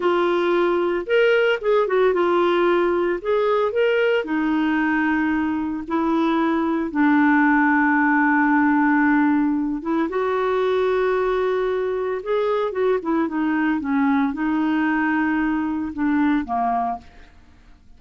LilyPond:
\new Staff \with { instrumentName = "clarinet" } { \time 4/4 \tempo 4 = 113 f'2 ais'4 gis'8 fis'8 | f'2 gis'4 ais'4 | dis'2. e'4~ | e'4 d'2.~ |
d'2~ d'8 e'8 fis'4~ | fis'2. gis'4 | fis'8 e'8 dis'4 cis'4 dis'4~ | dis'2 d'4 ais4 | }